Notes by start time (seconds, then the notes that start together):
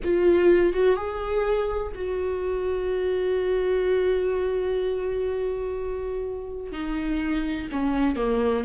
0.03 F4
0.73 F#4
0.96 G#4
1.95 F#4
6.72 D#4
7.71 C#4
8.16 A#3